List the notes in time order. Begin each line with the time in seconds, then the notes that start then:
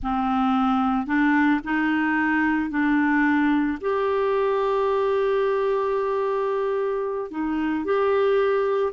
0.02 C4
1.06 D4
1.64 D#4
2.70 D4
3.81 G4
7.30 D#4
7.84 G4